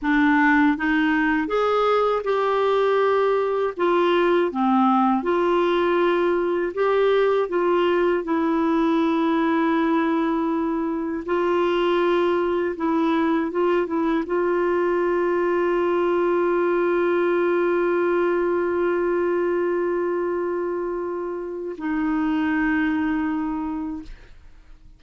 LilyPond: \new Staff \with { instrumentName = "clarinet" } { \time 4/4 \tempo 4 = 80 d'4 dis'4 gis'4 g'4~ | g'4 f'4 c'4 f'4~ | f'4 g'4 f'4 e'4~ | e'2. f'4~ |
f'4 e'4 f'8 e'8 f'4~ | f'1~ | f'1~ | f'4 dis'2. | }